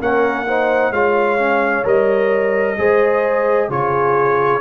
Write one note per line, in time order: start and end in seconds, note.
0.00 0.90 A#3
0.00 0.46 C#4
0.00 0.46 A#4
0.00 0.92 F#5
0.47 0.93 D#4
0.47 0.91 C5
0.90 1.82 G#3
0.90 1.38 F4
0.90 2.76 C#5
0.90 1.84 F5
1.38 1.83 C#4
1.83 2.77 G3
1.83 2.76 A#4
1.83 3.70 D#5
2.77 3.68 G#3
2.77 3.69 G#4
2.77 3.68 C5
3.68 4.61 C#3
3.68 4.61 F4
3.68 4.61 G#4
3.68 4.61 C#5